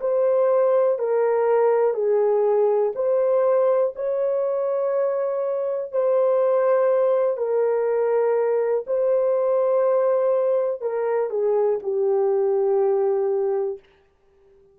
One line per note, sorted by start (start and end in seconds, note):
0.00 0.98 C5
0.98 1.94 A#4
1.94 2.92 G#4
2.95 3.93 C5
3.95 5.92 C#5
5.92 7.37 C5
7.37 8.84 A#4
8.86 10.81 C5
10.81 11.30 A#4
11.30 11.79 G#4
11.82 13.79 G4